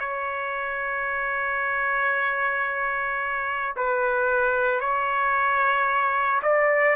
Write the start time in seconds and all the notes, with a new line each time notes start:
0.00 C#5
3.76 B4
4.81 C#5
6.43 D5